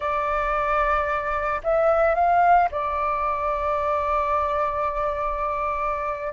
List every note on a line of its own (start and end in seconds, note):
0.00 1.61 D5
1.63 2.14 E5
2.14 2.69 F5
2.71 6.33 D5